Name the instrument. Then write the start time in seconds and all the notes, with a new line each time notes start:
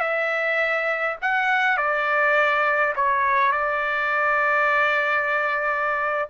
trumpet
0.00 E5
1.22 F#5
1.77 D5
2.96 C#5
3.52 D5